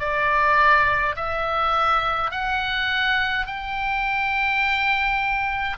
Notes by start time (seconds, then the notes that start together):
0.00 D5
1.16 E5
2.31 F#5
3.46 G5